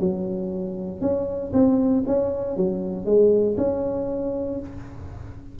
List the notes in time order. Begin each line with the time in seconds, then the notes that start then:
0.00 F#3
1.01 C#4
1.53 C4
2.07 C#4
2.57 F#3
3.06 G#3
3.58 C#4